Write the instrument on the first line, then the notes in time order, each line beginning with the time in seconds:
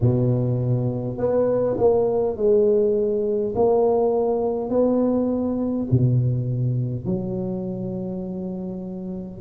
tuba
0.01 B2
1.17 B3
1.77 A#3
2.36 G#3
3.55 A#3
4.69 B3
5.91 B2
7.05 F#3